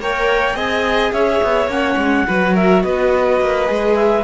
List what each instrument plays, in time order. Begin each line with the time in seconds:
0.00 cello A#3, viola A#4, violin C#5, clarinet G5
0.55 cello C4, viola G#4, violin D#5, clarinet G#5
1.12 cello C#4, violin C#5, clarinet E5
1.44 cello B3
1.67 cello A#3, viola C#4, clarinet F#5
1.97 cello G#3
2.27 cello F#3, viola F#4, violin B4
2.55 violin A#4, clarinet E5
2.83 cello B3, violin B4, clarinet D#5
3.40 cello A#3
3.66 cello G#3, viola G#4
3.95 clarinet E5